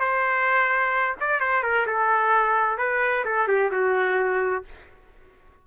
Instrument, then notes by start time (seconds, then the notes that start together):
trumpet
0.00 C5
1.21 D5
1.41 C5
1.63 A#4
1.87 A4
2.78 B4
3.25 A4
3.48 G4
3.72 F#4